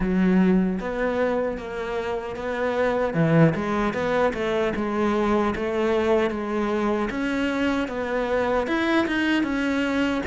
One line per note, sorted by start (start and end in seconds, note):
0.00 0.79 F#3
0.80 1.57 B3
1.57 2.35 A#3
2.35 3.14 B3
3.14 3.53 E3
3.55 3.93 G#3
3.93 4.32 B3
4.33 4.73 A3
4.75 5.54 G#3
5.55 6.30 A3
6.30 7.09 G#3
7.10 7.88 C#4
7.88 8.67 B3
8.67 9.06 E4
9.06 9.43 D#4
9.43 10.22 C#4